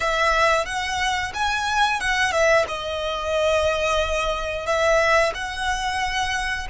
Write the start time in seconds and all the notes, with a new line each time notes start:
0.00 E5
0.65 F#5
1.34 G#5
2.00 F#5
2.32 E5
2.68 D#5
4.66 E5
5.34 F#5